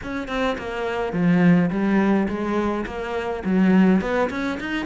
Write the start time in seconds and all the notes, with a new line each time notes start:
0.03 C#4
0.28 C4
0.57 A#3
1.12 F3
1.70 G3
2.28 G#3
2.85 A#3
3.44 F#3
4.01 B3
4.30 C#4
4.59 D#4